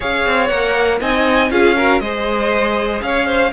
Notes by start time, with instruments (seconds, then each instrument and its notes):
0.00 cello C#4, viola G#4, violin C#5 F5
0.26 cello C4
0.47 cello A#3, viola A#4, violin F#5
1.00 cello C4, viola D#4, violin D#5 G#5
1.50 cello C#4, viola F4, violin G#4 F5
1.76 viola F#4, violin A#4
1.99 cello G#3, viola G#4, violin C5 D#5
3.02 cello C#4, violin C#5 F5
3.26 violin C5